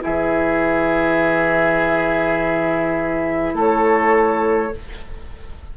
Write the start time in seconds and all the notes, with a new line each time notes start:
0.00 E3 E4 G#4 E5
3.54 A3 A4 C#5